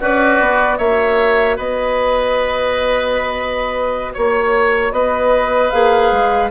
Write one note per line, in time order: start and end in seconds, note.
0.00 0.40 C#4
0.00 0.78 F#4
0.00 0.78 B4
0.00 0.77 D5
0.40 0.79 B3
0.77 1.58 A#3
0.77 5.72 F#4
0.77 1.56 C#5
0.77 1.56 E5
1.56 4.14 B3
1.56 4.13 B4
1.56 4.14 D#5
4.14 4.91 A#3
4.14 4.93 C#5
4.91 5.70 B3
4.91 6.51 B4
4.91 5.70 D#5
5.70 6.11 A#3
5.70 6.50 G#4
5.70 6.49 F5
6.11 6.51 G#3